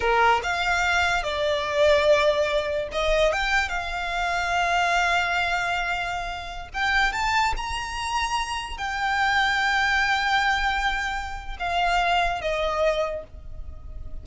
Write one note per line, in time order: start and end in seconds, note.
0.00 0.41 A#4
0.43 1.23 F5
1.23 2.88 D5
2.92 3.32 D#5
3.32 3.68 G5
3.68 6.68 F5
6.73 7.12 G5
7.12 7.53 A5
7.56 8.77 A#5
8.77 11.56 G5
11.59 12.41 F5
12.41 13.23 D#5